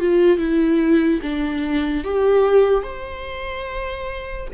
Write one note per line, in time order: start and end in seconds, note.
0.00 0.38 F4
0.38 1.21 E4
1.23 2.04 D4
2.04 2.84 G4
2.84 4.48 C5